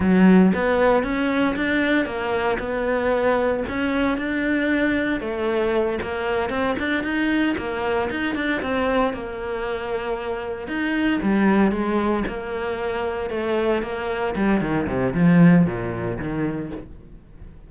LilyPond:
\new Staff \with { instrumentName = "cello" } { \time 4/4 \tempo 4 = 115 fis4 b4 cis'4 d'4 | ais4 b2 cis'4 | d'2 a4. ais8~ | ais8 c'8 d'8 dis'4 ais4 dis'8 |
d'8 c'4 ais2~ ais8~ | ais8 dis'4 g4 gis4 ais8~ | ais4. a4 ais4 g8 | dis8 c8 f4 ais,4 dis4 | }